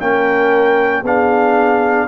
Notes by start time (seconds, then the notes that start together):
0.00 A#3 C#4 A#4 G5
1.02 B3 D4 G#4 F5